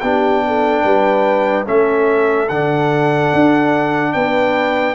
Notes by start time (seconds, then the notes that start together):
0.00 B3 D4 G4 G5
0.47 A4
0.83 G3 B4
1.65 A3 C#4 A4 E5
2.49 D3 D4 F#5
3.33 D4
4.13 B3 B4 G5